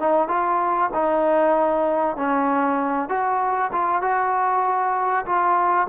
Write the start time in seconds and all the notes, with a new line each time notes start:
0.00 D#4
0.29 F4
0.94 D#4
2.17 C#4
3.10 F#4
3.73 F4
4.02 F#4
5.26 F4